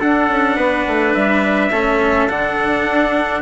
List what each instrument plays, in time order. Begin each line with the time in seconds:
0.00 cello D4, bassoon D4, trumpet A4 F#5
0.29 bassoon C#4
0.57 bassoon B3, trumpet B4
0.88 bassoon A3
1.15 bassoon G3, trumpet E5
1.72 bassoon A3, cello C#4, trumpet A4
2.29 bassoon D3, cello D4, trumpet F#5
2.86 bassoon D4